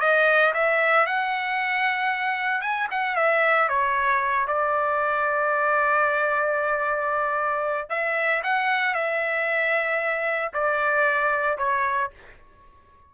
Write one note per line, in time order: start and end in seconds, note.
0.00 0.53 D#5
0.53 1.06 E5
1.06 2.61 F#5
2.61 2.88 G#5
2.90 3.15 F#5
3.15 3.68 E5
3.68 4.47 C#5
4.47 7.89 D5
7.89 8.42 E5
8.43 8.94 F#5
8.94 10.52 E5
10.53 11.57 D5
11.57 12.10 C#5